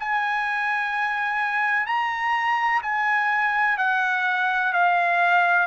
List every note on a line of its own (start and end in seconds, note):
0.00 1.87 G#5
1.87 2.82 A#5
2.83 3.78 G#5
3.78 4.73 F#5
4.73 5.68 F5